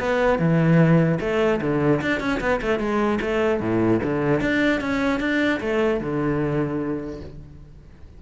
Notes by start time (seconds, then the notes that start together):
0.00 B3
0.39 E3
1.21 A3
1.62 D3
2.02 D4
2.20 C#4
2.41 B3
2.62 A3
2.80 G#3
3.22 A3
3.61 A2
4.04 D3
4.41 D4
4.81 C#4
5.20 D4
5.61 A3
6.01 D3